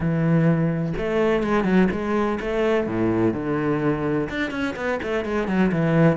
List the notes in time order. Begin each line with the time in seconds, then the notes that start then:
0.00 E3
0.97 A3
1.43 G#3
1.64 F#3
1.91 G#3
2.40 A3
2.86 A2
3.33 D3
4.29 D4
4.50 C#4
4.76 B3
5.02 A3
5.24 G#3
5.47 F#3
5.72 E3